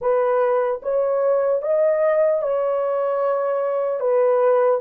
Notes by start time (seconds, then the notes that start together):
0.01 B4
0.82 C#5
1.62 D#5
2.42 C#5
4.00 B4